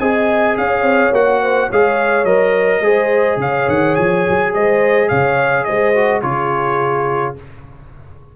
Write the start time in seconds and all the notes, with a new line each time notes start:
0.00 C4 G#4 D#5 G#5
0.57 C#4 C#5 F5
0.82 C4
1.12 A#3 F#4 F#5
1.42 C5
1.68 G#3 G#4 C#5 F5
2.25 F#3 A#4 D#5
2.81 G#3 G#4 C5
3.37 C#3 C#5 F5
3.68 D#3 F#5
3.96 F3 G#5
4.30 F#3
4.54 G#3 C5 D#5
5.09 C#3 C#5 F5
5.65 G#3 C5 D#5
5.95 F#4
6.22 C#3 F4 G#4 C#5